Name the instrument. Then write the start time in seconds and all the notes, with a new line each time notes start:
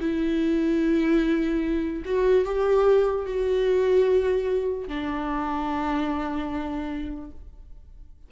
viola
0.00 E4
2.05 F#4
2.45 G4
3.26 F#4
4.88 D4